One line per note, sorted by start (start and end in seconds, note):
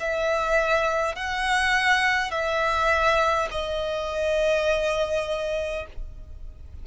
0.00 1.16 E5
1.16 2.31 F#5
2.31 3.49 E5
3.51 5.86 D#5